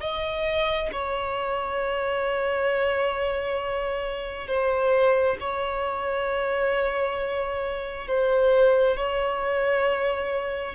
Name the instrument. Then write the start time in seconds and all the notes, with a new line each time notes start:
violin
0.00 D#5
0.92 C#5
4.47 C5
5.41 C#5
8.08 C5
8.97 C#5